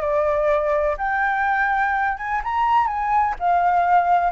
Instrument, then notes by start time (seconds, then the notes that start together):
flute
0.00 D5
0.97 G5
2.17 G#5
2.43 A#5
2.86 G#5
3.39 F5